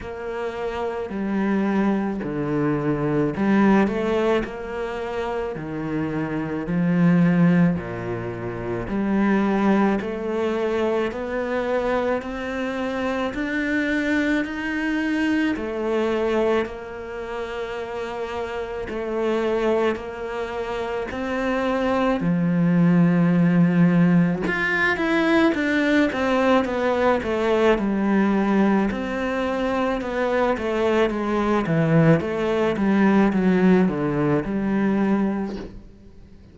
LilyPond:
\new Staff \with { instrumentName = "cello" } { \time 4/4 \tempo 4 = 54 ais4 g4 d4 g8 a8 | ais4 dis4 f4 ais,4 | g4 a4 b4 c'4 | d'4 dis'4 a4 ais4~ |
ais4 a4 ais4 c'4 | f2 f'8 e'8 d'8 c'8 | b8 a8 g4 c'4 b8 a8 | gis8 e8 a8 g8 fis8 d8 g4 | }